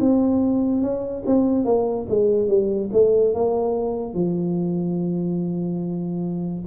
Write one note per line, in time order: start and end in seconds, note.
0.00 0.82 C4
0.82 1.23 C#4
1.26 1.65 C4
1.65 2.07 A#3
2.09 2.48 G#3
2.48 2.90 G3
2.93 3.34 A3
3.34 4.14 A#3
4.14 6.64 F3